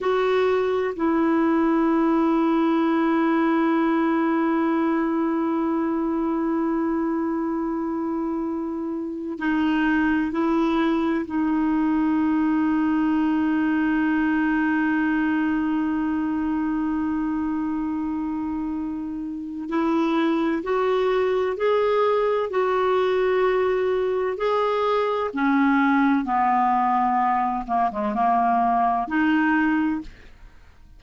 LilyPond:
\new Staff \with { instrumentName = "clarinet" } { \time 4/4 \tempo 4 = 64 fis'4 e'2.~ | e'1~ | e'2 dis'4 e'4 | dis'1~ |
dis'1~ | dis'4 e'4 fis'4 gis'4 | fis'2 gis'4 cis'4 | b4. ais16 gis16 ais4 dis'4 | }